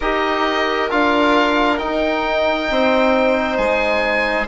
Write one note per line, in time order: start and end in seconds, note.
0.00 0.90 D#4
0.00 0.90 G4
0.00 2.69 A#4
0.00 0.90 D#5
0.90 1.80 D4
0.90 1.78 F4
0.90 1.77 F5
1.77 4.47 D#4
1.77 2.70 D#4
1.77 3.57 G5
2.70 3.58 C4
2.70 4.47 C5
3.57 4.47 G#3
3.57 4.47 G#5